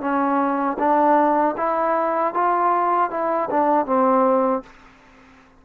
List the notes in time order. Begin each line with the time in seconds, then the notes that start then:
0.00 C#4
0.78 D4
1.57 E4
2.34 F4
3.10 E4
3.50 D4
3.86 C4